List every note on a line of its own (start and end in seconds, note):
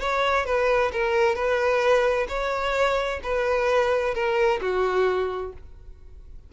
0.00 0.46 C#5
0.46 0.91 B4
0.92 1.35 A#4
1.35 2.27 B4
2.28 3.20 C#5
3.23 4.14 B4
4.14 4.60 A#4
4.61 5.53 F#4